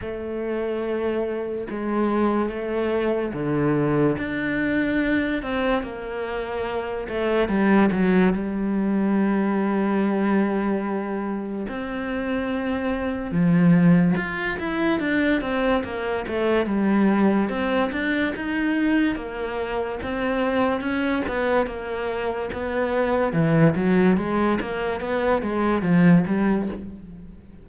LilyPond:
\new Staff \with { instrumentName = "cello" } { \time 4/4 \tempo 4 = 72 a2 gis4 a4 | d4 d'4. c'8 ais4~ | ais8 a8 g8 fis8 g2~ | g2 c'2 |
f4 f'8 e'8 d'8 c'8 ais8 a8 | g4 c'8 d'8 dis'4 ais4 | c'4 cis'8 b8 ais4 b4 | e8 fis8 gis8 ais8 b8 gis8 f8 g8 | }